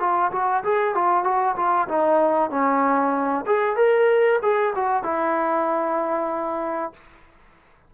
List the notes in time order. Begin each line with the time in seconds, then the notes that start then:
0.00 F4
0.32 F#4
0.64 G#4
0.95 F4
1.24 F#4
1.56 F4
1.89 D#4
2.51 C#4
3.47 G#4
3.76 A#4
4.42 G#4
4.76 F#4
5.04 E4